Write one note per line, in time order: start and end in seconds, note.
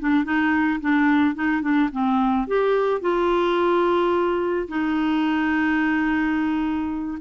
0.00 0.25 D4
0.25 0.80 D#4
0.81 1.35 D4
1.35 1.62 D#4
1.62 1.90 D4
1.92 2.48 C4
2.48 3.02 G4
3.02 4.68 F4
4.68 7.18 D#4